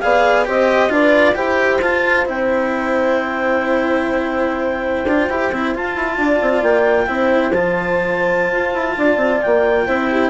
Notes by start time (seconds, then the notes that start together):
0.00 B3 G#4 D5 F5
0.45 C4 G4 C5 D#5
0.89 D4 F4 B4 D5
1.35 E4 G4 C5 G5
1.81 F4 A5
2.25 C4 E4 G5
5.05 D4 F4
5.29 E4 G4
5.51 C4 E4
5.75 F4 A5
5.95 E4
6.17 D4 D5
6.41 C4
6.62 A#3 G5
7.06 C4 E4 C5
7.52 F3 F4 A5
8.52 F4
8.74 E4
8.97 D4 D5
9.16 C4
9.41 A#3 G5
9.86 C4 E4 C5
10.10 G4